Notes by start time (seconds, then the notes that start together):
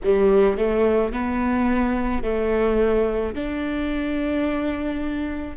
0.03 G3
0.57 A3
1.12 B3
2.23 A3
3.34 D4